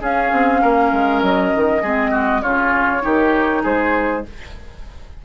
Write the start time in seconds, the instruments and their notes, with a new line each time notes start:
0.00 clarinet C#4, bassoon C#4, oboe G#4, flute F5
0.32 bassoon C4
0.62 bassoon A#3, oboe A#4
0.93 bassoon G#3
1.23 bassoon F#3, flute D#5
1.56 bassoon D#3
1.83 bassoon G#3, clarinet C4, oboe G#4
2.11 oboe F#4
2.43 bassoon C#3, clarinet C#4, oboe F4, flute C#5
3.02 bassoon D#3, clarinet D#4, oboe G4
3.63 bassoon G#3, oboe G#4, flute C5